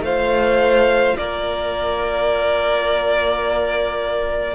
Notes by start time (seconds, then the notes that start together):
0.00 A3 F4 C5 F5
1.17 A#3 A#4 D5